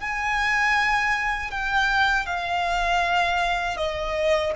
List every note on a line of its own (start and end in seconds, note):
0.00 1.50 G#5
1.50 2.25 G5
2.25 3.76 F5
3.76 4.52 D#5